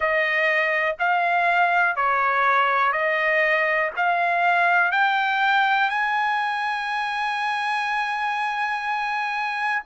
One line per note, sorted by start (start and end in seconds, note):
0.00 0.96 D#5
0.99 1.96 F5
1.96 2.92 C#5
2.92 3.90 D#5
3.96 4.91 F5
4.91 5.89 G5
5.89 9.83 G#5